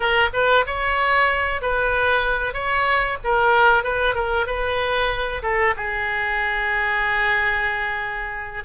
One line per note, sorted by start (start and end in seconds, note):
0.00 0.29 A#4
0.33 0.65 B4
0.66 1.61 C#5
1.61 2.53 B4
2.53 3.17 C#5
3.24 3.83 A#4
3.83 4.15 B4
4.15 4.46 A#4
4.46 5.42 B4
5.42 5.74 A4
5.76 8.63 G#4